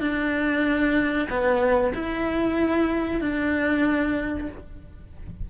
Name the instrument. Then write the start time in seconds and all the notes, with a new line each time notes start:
cello
0.00 D4
1.29 B3
1.94 E4
3.21 D4